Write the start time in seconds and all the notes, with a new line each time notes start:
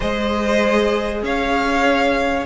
0.00 G#3 G#4 C5 D#5
1.22 C#4 C#5 F5